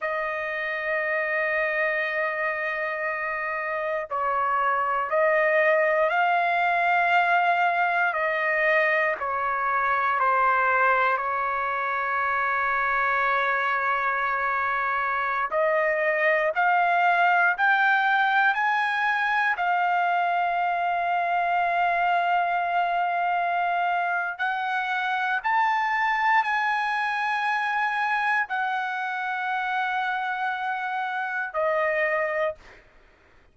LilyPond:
\new Staff \with { instrumentName = "trumpet" } { \time 4/4 \tempo 4 = 59 dis''1 | cis''4 dis''4 f''2 | dis''4 cis''4 c''4 cis''4~ | cis''2.~ cis''16 dis''8.~ |
dis''16 f''4 g''4 gis''4 f''8.~ | f''1 | fis''4 a''4 gis''2 | fis''2. dis''4 | }